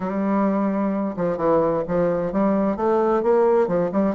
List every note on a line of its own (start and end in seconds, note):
0.00 1.15 G3
1.16 1.37 F3
1.37 1.83 E3
1.87 2.32 F3
2.32 2.76 G3
2.76 3.22 A3
3.22 3.67 A#3
3.67 3.90 F3
3.92 4.15 G3